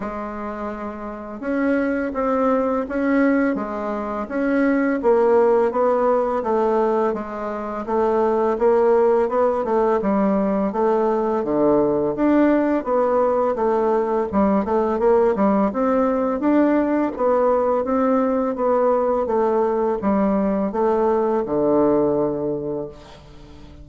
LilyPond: \new Staff \with { instrumentName = "bassoon" } { \time 4/4 \tempo 4 = 84 gis2 cis'4 c'4 | cis'4 gis4 cis'4 ais4 | b4 a4 gis4 a4 | ais4 b8 a8 g4 a4 |
d4 d'4 b4 a4 | g8 a8 ais8 g8 c'4 d'4 | b4 c'4 b4 a4 | g4 a4 d2 | }